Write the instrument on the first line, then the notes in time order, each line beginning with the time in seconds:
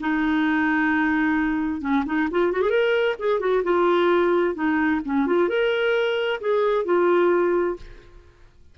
clarinet
0.00 D#4
1.81 C#4
2.06 D#4
2.31 F4
2.52 F#4
2.62 G#4
2.70 A#4
3.19 G#4
3.40 F#4
3.63 F4
4.54 D#4
5.05 C#4
5.27 F4
5.49 A#4
6.40 G#4
6.85 F4